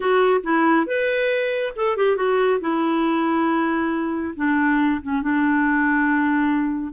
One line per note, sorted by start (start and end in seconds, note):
0.00 0.41 F#4
0.43 0.86 E4
0.86 1.73 B4
1.75 1.96 A4
1.96 2.16 G4
2.16 2.59 F#4
2.60 4.34 E4
4.36 5.01 D4
5.02 5.22 C#4
5.22 6.92 D4